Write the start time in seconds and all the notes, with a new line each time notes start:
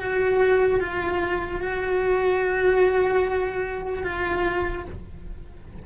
0.00 F#4
0.81 F4
1.61 F#4
4.04 F4